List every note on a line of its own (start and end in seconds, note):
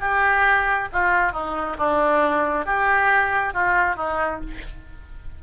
0.00 0.88 G4
0.92 1.32 F4
1.32 1.76 D#4
1.78 2.65 D4
2.65 3.53 G4
3.53 3.96 F4
3.96 4.40 D#4